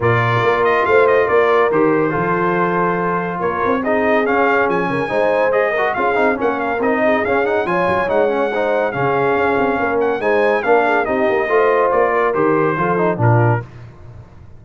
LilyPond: <<
  \new Staff \with { instrumentName = "trumpet" } { \time 4/4 \tempo 4 = 141 d''4. dis''8 f''8 dis''8 d''4 | c''1 | cis''4 dis''4 f''4 gis''4~ | gis''4 dis''4 f''4 fis''8 f''8 |
dis''4 f''8 fis''8 gis''4 fis''4~ | fis''4 f''2~ f''8 fis''8 | gis''4 f''4 dis''2 | d''4 c''2 ais'4 | }
  \new Staff \with { instrumentName = "horn" } { \time 4/4 ais'2 c''4 ais'4~ | ais'4 a'2. | ais'4 gis'2~ gis'8 ais'8 | c''4. ais'8 gis'4 ais'4~ |
ais'8 gis'4. cis''2 | c''4 gis'2 ais'4 | c''4 ais'8 gis'8 g'4 c''4~ | c''8 ais'4. a'4 f'4 | }
  \new Staff \with { instrumentName = "trombone" } { \time 4/4 f'1 | g'4 f'2.~ | f'4 dis'4 cis'2 | dis'4 gis'8 fis'8 f'8 dis'8 cis'4 |
dis'4 cis'8 dis'8 f'4 dis'8 cis'8 | dis'4 cis'2. | dis'4 d'4 dis'4 f'4~ | f'4 g'4 f'8 dis'8 d'4 | }
  \new Staff \with { instrumentName = "tuba" } { \time 4/4 ais,4 ais4 a4 ais4 | dis4 f2. | ais8 c'4. cis'4 f8 cis8 | gis2 cis'8 c'8 ais4 |
c'4 cis'4 f8 fis8 gis4~ | gis4 cis4 cis'8 c'8 ais4 | gis4 ais4 c'8 ais8 a4 | ais4 dis4 f4 ais,4 | }
>>